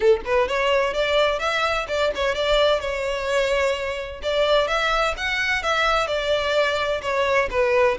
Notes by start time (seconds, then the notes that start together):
0.00 A4
0.25 B4
0.48 C#5
0.93 D5
1.39 E5
1.88 D5
2.15 C#5
2.34 D5
2.80 C#5
4.22 D5
4.67 E5
5.17 F#5
5.62 E5
6.07 D5
7.01 C#5
7.50 B4